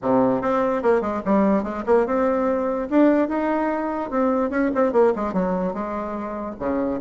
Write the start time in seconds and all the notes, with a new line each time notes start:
0.02 C3
0.41 C4
0.82 A#3
1.01 G#3
1.25 G3
1.63 G#3
1.86 A#3
2.06 C4
2.90 D4
3.28 D#4
4.10 C4
4.50 C#4
4.74 C4
4.92 A#3
5.15 G#3
5.33 F#3
5.73 G#3
6.59 C#3